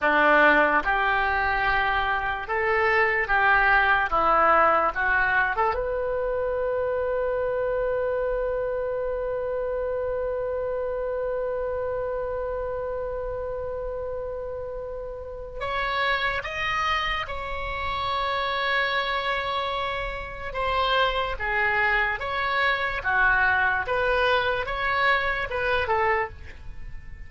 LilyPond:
\new Staff \with { instrumentName = "oboe" } { \time 4/4 \tempo 4 = 73 d'4 g'2 a'4 | g'4 e'4 fis'8. a'16 b'4~ | b'1~ | b'1~ |
b'2. cis''4 | dis''4 cis''2.~ | cis''4 c''4 gis'4 cis''4 | fis'4 b'4 cis''4 b'8 a'8 | }